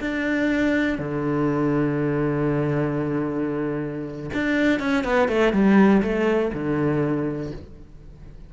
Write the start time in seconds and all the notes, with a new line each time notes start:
0.00 D4
0.98 D3
4.33 D4
4.80 C#4
5.04 B3
5.28 A3
5.53 G3
6.02 A3
6.53 D3